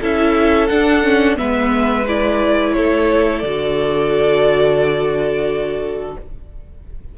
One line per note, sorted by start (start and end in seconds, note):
0.00 0.70 C#4
0.00 0.69 E4
0.00 1.36 A4
0.00 0.67 E5
0.67 1.03 D4
0.67 1.38 D4
0.67 1.35 F#5
1.03 1.36 C#4
1.36 2.76 G#3
1.36 2.04 B3
1.36 2.75 B4
1.36 2.06 E5
2.07 3.44 E4
2.07 2.73 D5
2.73 3.42 A3
2.73 6.18 A4
2.73 3.39 C#5
3.39 6.15 D3
3.39 6.17 F#4
3.39 6.12 D5